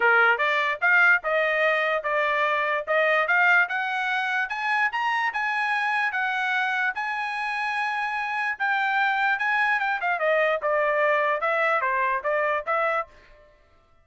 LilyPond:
\new Staff \with { instrumentName = "trumpet" } { \time 4/4 \tempo 4 = 147 ais'4 d''4 f''4 dis''4~ | dis''4 d''2 dis''4 | f''4 fis''2 gis''4 | ais''4 gis''2 fis''4~ |
fis''4 gis''2.~ | gis''4 g''2 gis''4 | g''8 f''8 dis''4 d''2 | e''4 c''4 d''4 e''4 | }